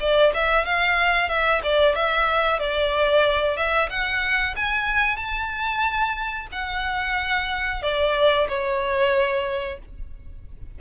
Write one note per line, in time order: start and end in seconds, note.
0.00 0.33 D5
0.34 0.65 E5
0.65 1.29 F5
1.29 1.62 E5
1.63 1.95 D5
1.95 2.59 E5
2.59 3.57 D5
3.57 3.89 E5
3.90 4.55 F#5
4.56 5.16 G#5
5.16 6.47 A5
6.52 7.82 F#5
7.83 8.48 D5
8.48 9.79 C#5